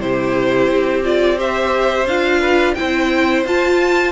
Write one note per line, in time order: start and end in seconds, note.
0.00 0.69 C3
0.00 1.03 E4
0.00 1.38 G4
0.00 1.04 C5
0.69 2.05 C4
1.04 1.36 F4
1.04 1.39 D5
1.36 2.05 G4
1.36 2.40 C5
1.36 2.07 E5
2.05 2.74 D4
2.05 2.76 F4
2.05 2.75 F5
2.40 2.75 B4
2.75 3.44 C4
2.75 3.45 E4
2.75 4.12 C5
2.75 3.44 G5
3.44 4.12 F4
3.44 4.12 A5